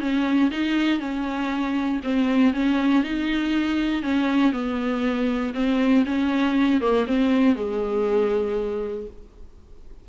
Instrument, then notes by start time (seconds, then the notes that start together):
viola
0.00 C#4
0.51 D#4
0.99 C#4
2.03 C4
2.53 C#4
3.03 D#4
4.02 C#4
4.52 B3
5.54 C4
6.05 C#4
6.80 A#3
7.07 C4
7.55 G#3